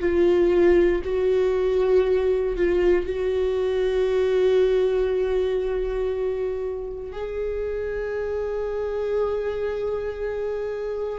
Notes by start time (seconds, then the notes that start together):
0.00 F4
1.04 F#4
2.57 F4
3.06 F#4
7.12 G#4